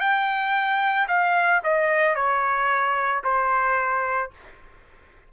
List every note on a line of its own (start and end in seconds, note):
0.00 1.07 G5
1.08 1.62 F5
1.64 2.15 D#5
2.15 3.22 C#5
3.24 4.31 C5